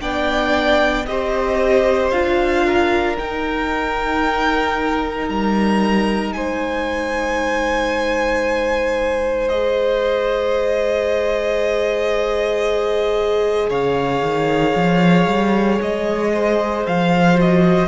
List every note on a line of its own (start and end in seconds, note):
0.00 1.08 B3
0.00 1.05 D4
0.00 1.07 D5
0.00 1.05 G5
1.06 2.12 C4
1.06 2.12 G4
1.06 2.66 C5
1.06 2.11 D#5
2.11 3.17 D4
2.11 3.17 F4
2.11 3.16 F5
2.66 6.35 A#4
3.17 9.49 D#4
3.17 5.29 D#4
3.17 5.29 G5
5.29 6.31 G3
5.29 6.33 A#5
6.31 13.68 G#3
6.31 13.69 C5
6.31 9.49 G#5
9.49 17.35 G#4
9.49 13.70 D#5
13.69 14.22 C#3
13.69 16.32 C#5
13.69 15.81 F5
14.22 14.74 D#3
14.75 15.27 F3
15.27 15.79 G3
15.81 16.87 G#3
15.81 16.87 D#5
16.34 17.88 C5
16.87 17.88 F3
16.87 17.39 F5
17.35 17.87 F#4
17.35 17.88 D#5